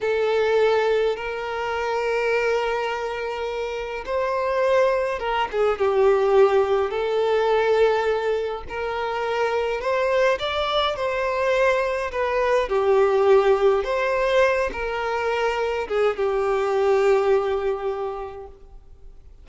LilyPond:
\new Staff \with { instrumentName = "violin" } { \time 4/4 \tempo 4 = 104 a'2 ais'2~ | ais'2. c''4~ | c''4 ais'8 gis'8 g'2 | a'2. ais'4~ |
ais'4 c''4 d''4 c''4~ | c''4 b'4 g'2 | c''4. ais'2 gis'8 | g'1 | }